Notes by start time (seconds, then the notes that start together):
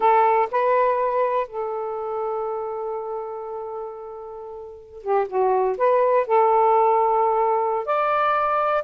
0.00 A4
0.51 B4
1.47 A4
5.02 G4
5.28 F#4
5.77 B4
6.26 A4
7.85 D5